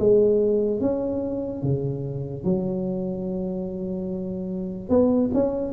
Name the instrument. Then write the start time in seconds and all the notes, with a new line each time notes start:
tuba
0.00 G#3
0.81 C#4
1.63 C#3
2.45 F#3
4.90 B3
5.34 C#4